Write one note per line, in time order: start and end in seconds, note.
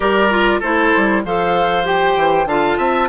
0.00 0.60 G3
0.00 0.30 G4
0.00 0.59 A#4
0.00 0.60 D5
0.30 0.61 F4
0.59 0.93 A3
0.59 1.25 E4
0.59 1.21 A4
0.59 1.23 C5
0.95 1.24 G3
1.24 2.15 F3
1.24 1.84 A4
1.24 2.48 C5
1.24 1.86 F5
1.84 2.46 G4
1.84 2.47 G5
2.15 2.45 E3
2.45 2.76 D3
2.45 3.09 F4
2.45 2.77 F5
2.45 3.09 A5
2.77 3.09 C4
2.77 3.08 E5